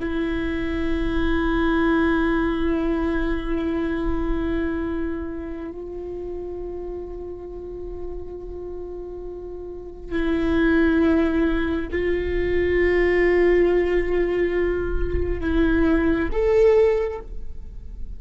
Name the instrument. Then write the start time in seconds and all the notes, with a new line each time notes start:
viola
0.00 E4
5.72 F4
10.11 E4
11.92 F4
15.41 E4
16.32 A4